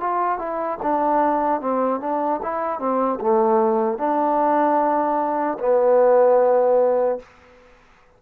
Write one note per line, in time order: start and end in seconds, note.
0.00 0.38 F4
0.38 0.78 E4
0.83 1.61 D4
1.61 2.00 C4
2.00 2.40 D4
2.43 2.79 E4
2.79 3.19 C4
3.20 3.98 A3
3.98 5.58 D4
5.59 7.19 B3